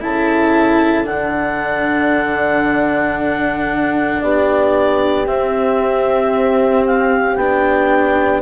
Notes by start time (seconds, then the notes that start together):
0.00 C#3 E4 A4 A5
1.04 D3 D4 F#5
4.21 B3 G4 D5
5.26 C4 E5
6.86 F5
7.35 B3 D4 G5